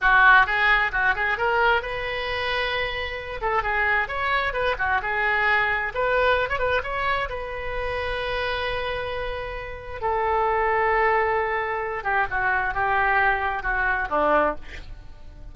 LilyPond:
\new Staff \with { instrumentName = "oboe" } { \time 4/4 \tempo 4 = 132 fis'4 gis'4 fis'8 gis'8 ais'4 | b'2.~ b'8 a'8 | gis'4 cis''4 b'8 fis'8 gis'4~ | gis'4 b'4~ b'16 cis''16 b'8 cis''4 |
b'1~ | b'2 a'2~ | a'2~ a'8 g'8 fis'4 | g'2 fis'4 d'4 | }